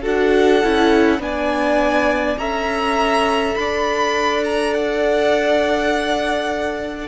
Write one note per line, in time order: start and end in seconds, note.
0.00 0.63 D4
0.00 0.61 F#4
0.00 1.18 A4
0.00 1.21 F#5
0.63 1.18 C#4
0.63 1.20 E4
1.18 2.36 B3
1.18 2.37 D4
1.18 2.38 G#5
1.25 2.39 D5
2.37 3.55 C#4
2.37 7.08 A4
2.37 3.57 E5
2.37 3.55 A#5
3.55 7.08 D4
3.55 7.08 D5
3.55 4.43 B5
4.44 4.73 A#5
4.73 7.08 F#5